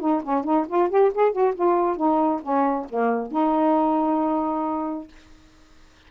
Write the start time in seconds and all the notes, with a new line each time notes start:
0.00 D#4
0.23 C#4
0.44 D#4
0.68 F4
0.89 G4
1.14 G#4
1.32 F#4
1.55 F4
1.97 D#4
2.42 C#4
2.90 A#3
3.32 D#4